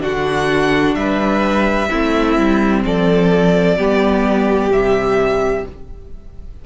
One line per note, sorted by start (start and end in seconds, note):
0.00 0.95 D3
0.00 1.88 D4
0.00 0.96 F#4
0.00 0.94 F#5
0.94 1.89 G3
0.94 1.89 B4
0.94 2.82 E5
1.89 2.37 A3
1.89 3.78 C4
1.89 2.83 E4
2.37 2.84 G3
2.85 3.77 F3
2.85 3.77 A4
2.85 4.72 D5
3.77 4.69 G3
3.77 4.71 B3
3.77 5.65 G4
4.69 5.63 C3
4.69 5.65 G3
4.69 5.66 E5